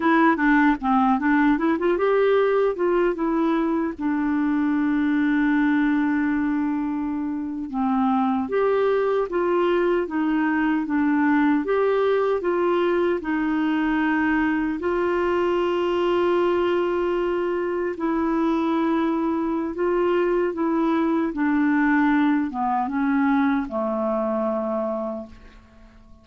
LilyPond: \new Staff \with { instrumentName = "clarinet" } { \time 4/4 \tempo 4 = 76 e'8 d'8 c'8 d'8 e'16 f'16 g'4 f'8 | e'4 d'2.~ | d'4.~ d'16 c'4 g'4 f'16~ | f'8. dis'4 d'4 g'4 f'16~ |
f'8. dis'2 f'4~ f'16~ | f'2~ f'8. e'4~ e'16~ | e'4 f'4 e'4 d'4~ | d'8 b8 cis'4 a2 | }